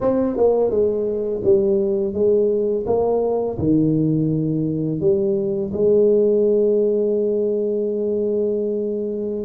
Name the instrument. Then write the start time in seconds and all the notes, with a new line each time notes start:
tuba
0.01 C4
0.36 A#3
0.70 G#3
1.44 G3
2.13 G#3
2.86 A#3
3.58 D#3
5.00 G3
5.73 G#3